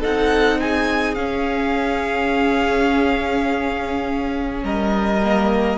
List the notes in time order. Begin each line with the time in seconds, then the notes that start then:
0.00 C4 D#4 A4 F#5
0.60 G#4 G#5
1.14 C#4 F5
4.62 G3 A#4 D#5
5.23 A#3